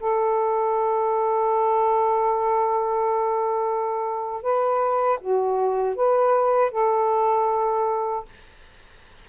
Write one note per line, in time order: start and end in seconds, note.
0.00 4.42 A4
4.42 5.19 B4
5.21 5.95 F#4
5.95 6.71 B4
6.71 8.25 A4